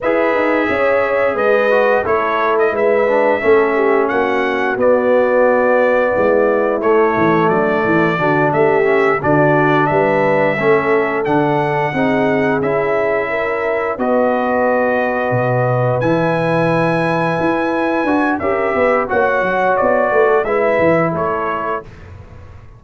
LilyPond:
<<
  \new Staff \with { instrumentName = "trumpet" } { \time 4/4 \tempo 4 = 88 e''2 dis''4 cis''8. dis''16 | e''2 fis''4 d''4~ | d''2 cis''4 d''4~ | d''8 e''4 d''4 e''4.~ |
e''8 fis''2 e''4.~ | e''8 dis''2. gis''8~ | gis''2. e''4 | fis''4 d''4 e''4 cis''4 | }
  \new Staff \with { instrumentName = "horn" } { \time 4/4 b'4 cis''4 b'4 a'4 | b'4 a'8 g'8 fis'2~ | fis'4 e'2 d'8 e'8 | fis'8 g'4 fis'4 b'4 a'8~ |
a'4. gis'2 ais'8~ | ais'8 b'2.~ b'8~ | b'2. ais'8 b'8 | cis''4. b'16 a'16 b'4 a'4 | }
  \new Staff \with { instrumentName = "trombone" } { \time 4/4 gis'2~ gis'8 fis'8 e'4~ | e'8 d'8 cis'2 b4~ | b2 a2 | d'4 cis'8 d'2 cis'8~ |
cis'8 d'4 dis'4 e'4.~ | e'8 fis'2. e'8~ | e'2~ e'8 fis'8 g'4 | fis'2 e'2 | }
  \new Staff \with { instrumentName = "tuba" } { \time 4/4 e'8 dis'8 cis'4 gis4 a4 | gis4 a4 ais4 b4~ | b4 gis4 a8 e8 fis8 e8 | d8 a4 d4 g4 a8~ |
a8 d4 c'4 cis'4.~ | cis'8 b2 b,4 e8~ | e4. e'4 d'8 cis'8 b8 | ais8 fis8 b8 a8 gis8 e8 a4 | }
>>